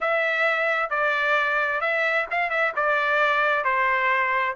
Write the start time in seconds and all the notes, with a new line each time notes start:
0.00 E5
0.89 D5
1.81 E5
2.30 F5
2.49 E5
2.76 D5
3.64 C5